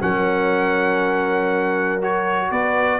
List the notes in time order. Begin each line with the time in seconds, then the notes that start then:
0.00 F#3 C#4 A#4 F#5
2.01 F#4 C#5
2.50 B3 B4 D5